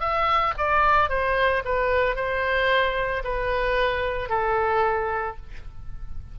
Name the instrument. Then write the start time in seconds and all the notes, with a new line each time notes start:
oboe
0.00 E5
0.57 D5
1.09 C5
1.65 B4
2.15 C5
3.24 B4
4.29 A4